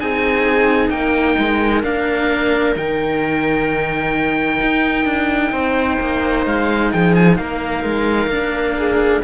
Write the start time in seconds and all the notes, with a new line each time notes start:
0.00 C4 D#4 G#4 G#5
0.89 A#3 A#4 G5
1.38 G#3
1.83 A#3 D4 F5
2.76 D#3 D#4 G5
4.62 D#4
5.05 D4
5.52 C4 C5
6.00 A#3
6.46 G#3 F5
6.91 F3 G#4 G5
7.15 G#5
7.37 A#3 A#4 F5
7.84 G#3
8.26 A#3 D4
8.77 G#4